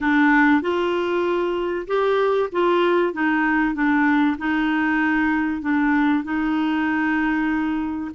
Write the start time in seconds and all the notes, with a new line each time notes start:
0.01 D4
0.61 F4
1.87 G4
2.52 F4
3.13 D#4
3.74 D4
4.38 D#4
5.61 D4
6.23 D#4